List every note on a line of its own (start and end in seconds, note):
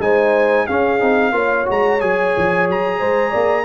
0.00 0.67 G#3
0.00 0.68 D#4
0.00 0.66 C5
0.00 0.67 G#5
0.66 1.00 C#4
0.66 1.02 C#4
0.66 1.33 G#4
0.66 1.67 F5
1.00 1.32 C4
1.00 1.33 D#4
1.32 1.66 A#3
1.32 1.66 F4
1.32 3.00 C#5
1.66 2.02 G#3
1.66 1.99 F#4
1.66 2.01 A#5
2.00 2.36 F#3
2.00 3.66 G#4
2.00 2.68 G#5
2.37 2.69 F3
2.69 3.01 F#3
2.69 3.66 A#5
3.00 3.34 G#3
3.00 3.31 C5
3.31 3.66 A#3
3.31 3.64 D5